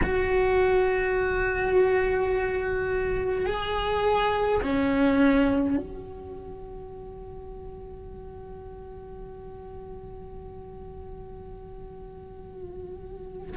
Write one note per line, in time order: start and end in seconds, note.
0.03 3.46 F#4
3.46 4.61 G#4
4.63 5.77 C#4
5.77 13.56 F#4